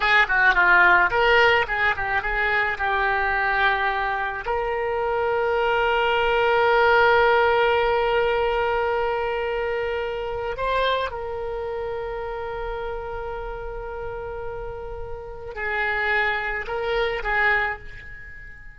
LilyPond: \new Staff \with { instrumentName = "oboe" } { \time 4/4 \tempo 4 = 108 gis'8 fis'8 f'4 ais'4 gis'8 g'8 | gis'4 g'2. | ais'1~ | ais'1~ |
ais'2. c''4 | ais'1~ | ais'1 | gis'2 ais'4 gis'4 | }